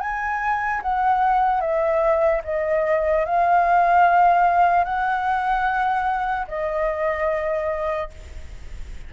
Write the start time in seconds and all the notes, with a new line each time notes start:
0.00 G#5
0.82 F#5
1.60 E5
2.44 D#5
3.25 F5
4.84 F#5
6.48 D#5